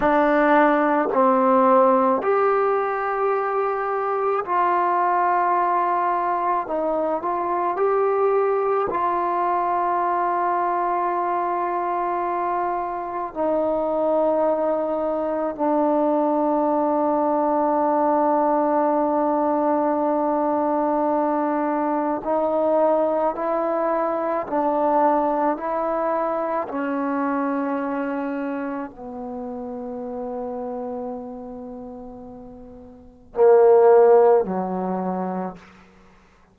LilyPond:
\new Staff \with { instrumentName = "trombone" } { \time 4/4 \tempo 4 = 54 d'4 c'4 g'2 | f'2 dis'8 f'8 g'4 | f'1 | dis'2 d'2~ |
d'1 | dis'4 e'4 d'4 e'4 | cis'2 b2~ | b2 ais4 fis4 | }